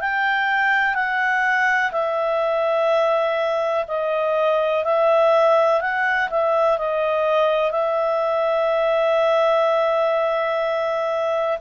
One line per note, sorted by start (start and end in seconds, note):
0.00 0.94 G5
0.94 1.91 F#5
1.91 3.85 E5
3.88 4.84 D#5
4.84 5.81 E5
5.81 6.29 F#5
6.30 6.78 E5
6.78 7.71 D#5
7.71 11.58 E5